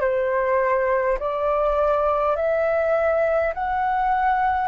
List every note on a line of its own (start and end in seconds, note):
0.00 1.18 C5
1.19 2.36 D5
2.36 3.53 E5
3.54 4.68 F#5